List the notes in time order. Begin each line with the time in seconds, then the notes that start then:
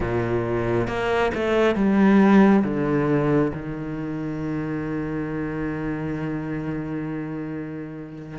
0.00 A#2
0.87 A#3
1.34 A3
1.75 G3
2.64 D3
3.53 D#3